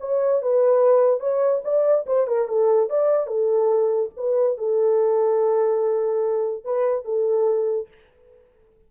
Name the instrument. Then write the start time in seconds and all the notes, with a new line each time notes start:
horn
0.00 C#5
0.42 B4
1.20 C#5
1.64 D5
2.06 C5
2.27 A#4
2.48 A4
2.90 D5
3.27 A4
4.17 B4
4.57 A4
6.64 B4
7.05 A4